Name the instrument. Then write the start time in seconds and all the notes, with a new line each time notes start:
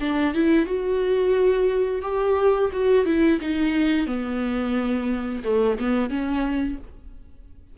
viola
0.00 D4
0.34 E4
0.66 F#4
2.02 G4
2.72 F#4
3.05 E4
3.41 D#4
4.06 B3
5.44 A3
5.79 B3
6.09 C#4